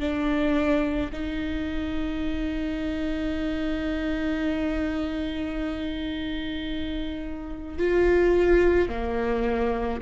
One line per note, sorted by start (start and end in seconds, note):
0.00 1.11 D4
1.13 7.79 D#4
7.79 8.89 F4
8.89 10.01 A#3